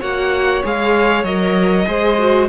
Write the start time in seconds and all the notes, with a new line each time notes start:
0.00 A#3 F#4 C#5 F#5
0.64 G#3 G#4 F5
1.24 F#3 A#4 D#5
1.86 G#3 G#4 C5
2.19 F#4